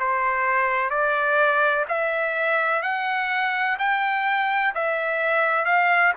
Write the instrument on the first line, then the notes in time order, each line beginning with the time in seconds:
trumpet
0.00 C5
0.90 D5
1.89 E5
2.83 F#5
3.79 G5
4.75 E5
5.66 F5